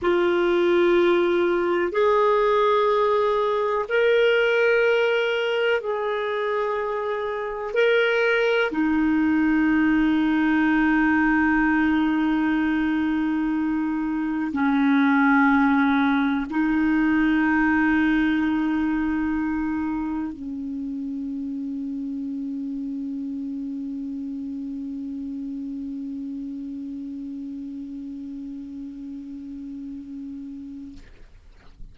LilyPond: \new Staff \with { instrumentName = "clarinet" } { \time 4/4 \tempo 4 = 62 f'2 gis'2 | ais'2 gis'2 | ais'4 dis'2.~ | dis'2. cis'4~ |
cis'4 dis'2.~ | dis'4 cis'2.~ | cis'1~ | cis'1 | }